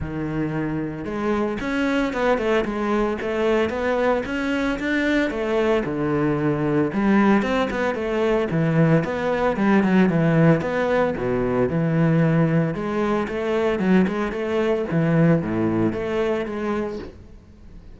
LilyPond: \new Staff \with { instrumentName = "cello" } { \time 4/4 \tempo 4 = 113 dis2 gis4 cis'4 | b8 a8 gis4 a4 b4 | cis'4 d'4 a4 d4~ | d4 g4 c'8 b8 a4 |
e4 b4 g8 fis8 e4 | b4 b,4 e2 | gis4 a4 fis8 gis8 a4 | e4 a,4 a4 gis4 | }